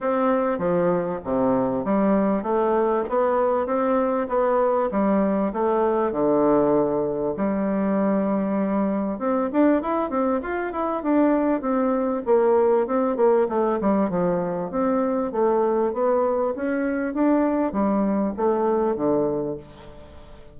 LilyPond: \new Staff \with { instrumentName = "bassoon" } { \time 4/4 \tempo 4 = 98 c'4 f4 c4 g4 | a4 b4 c'4 b4 | g4 a4 d2 | g2. c'8 d'8 |
e'8 c'8 f'8 e'8 d'4 c'4 | ais4 c'8 ais8 a8 g8 f4 | c'4 a4 b4 cis'4 | d'4 g4 a4 d4 | }